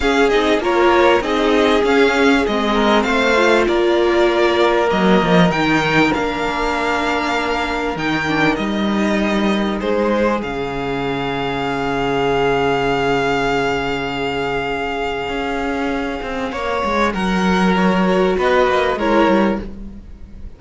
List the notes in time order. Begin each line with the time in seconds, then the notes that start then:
0.00 C#4 G#4 F5
0.29 C4 D#4 D#5
0.58 A#3 F4 A#4 C#5
1.20 C4 D#4 G#4 D#5
1.83 C#4 F5
2.46 G#3 C4 D#5
2.74 A#4
3.02 A3 C5 F5
3.36 F4
3.67 A#3 A#4 D5
4.86 F#3 A#3 D#5
5.23 F3
5.49 D#3 D#4 G5
6.13 A#3 D4 F5
7.96 D#3 D#4 G5
8.27 D4
8.55 G3 D#4 D#5
9.79 G#3 G#4 C5
10.41 C#3 C#4 F5
15.28 C#4
16.22 C4
16.51 A#3 C#5
16.84 G#3
17.13 F#3 A#4 F#5
17.76 F#4 C#5
18.37 B3 B4 D#5
18.67 A#3
18.96 G#3 E4 A#4 C#5
19.28 G3